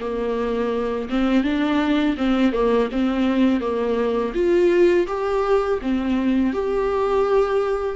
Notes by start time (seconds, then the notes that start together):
0.00 A#3
1.09 C4
1.43 D4
2.17 C4
2.52 A#3
2.91 C4
3.60 A#3
4.34 F4
5.07 G4
5.81 C4
6.53 G4